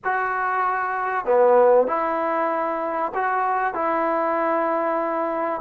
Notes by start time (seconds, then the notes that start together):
0.04 F#4
1.25 B3
1.87 E4
3.14 F#4
3.73 E4